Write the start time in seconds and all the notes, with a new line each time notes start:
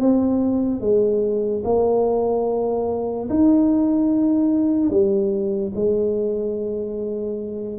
0.00 C4
0.81 G#3
1.65 A#3
3.30 D#4
4.91 G3
5.76 G#3